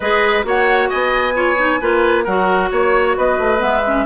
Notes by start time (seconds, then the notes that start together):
0.00 G#3 G#4 B4 D#5
0.43 A#3 F#4 C#5 F#5
0.89 B3 D#5 G#5
1.34 F4 C#5
1.57 D#4
1.80 A#3 F4 B4
2.24 F#3 F#4 A#4 F#5
2.70 A#3 C#5
3.16 B3 B4 D#5
3.39 A3
3.58 G#3 B3 E5
3.86 C#4